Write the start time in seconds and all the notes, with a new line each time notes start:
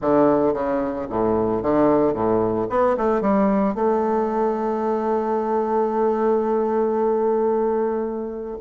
0.01 D3
0.53 C#3
1.09 A2
1.62 D3
2.13 A2
2.69 B3
2.97 A3
3.21 G3
3.75 A3